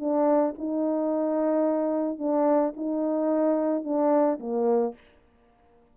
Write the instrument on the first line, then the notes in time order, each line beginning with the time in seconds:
horn
0.00 D4
0.59 D#4
2.19 D4
2.77 D#4
3.85 D4
4.40 A#3